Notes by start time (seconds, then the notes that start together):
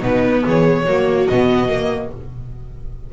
0.00 B2 B3 D#4 B4
0.44 E3 G#4 C#5
0.85 F#3 A#3 F#4
1.27 B2 B3 D#5
1.69 A#3